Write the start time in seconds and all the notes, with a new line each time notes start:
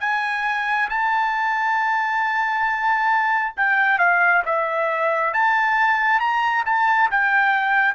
0.00 G#5
0.89 A5
3.57 G5
3.99 F5
4.45 E5
5.33 A5
6.20 A#5
6.65 A5
7.10 G5